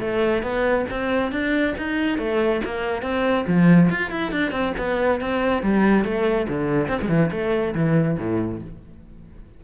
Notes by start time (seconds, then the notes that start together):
0.00 A3
0.42 B3
0.90 C4
1.31 D4
1.77 D#4
2.18 A3
2.65 A#3
3.02 C4
3.47 F3
3.90 F4
4.10 E4
4.31 D4
4.51 C4
4.77 B3
5.20 C4
5.62 G3
6.04 A3
6.49 D3
6.88 C4
7.01 G#3
7.09 E3
7.31 A3
7.75 E3
8.19 A2